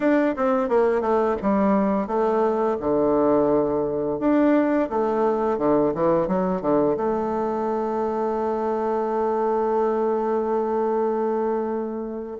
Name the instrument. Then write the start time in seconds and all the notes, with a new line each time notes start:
bassoon
0.00 D4
0.36 C4
0.68 A#3
1.01 A3
1.41 G3
2.07 A3
2.80 D3
4.19 D4
4.89 A3
5.58 D3
5.94 E3
6.27 F#3
6.61 D3
6.96 A3